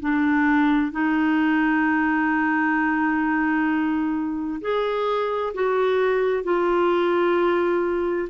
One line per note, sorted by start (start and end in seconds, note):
0.00 0.92 D4
0.92 4.61 D#4
4.61 5.53 G#4
5.54 6.44 F#4
6.44 8.29 F4